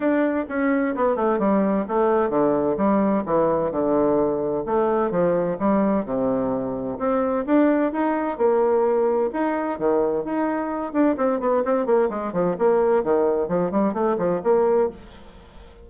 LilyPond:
\new Staff \with { instrumentName = "bassoon" } { \time 4/4 \tempo 4 = 129 d'4 cis'4 b8 a8 g4 | a4 d4 g4 e4 | d2 a4 f4 | g4 c2 c'4 |
d'4 dis'4 ais2 | dis'4 dis4 dis'4. d'8 | c'8 b8 c'8 ais8 gis8 f8 ais4 | dis4 f8 g8 a8 f8 ais4 | }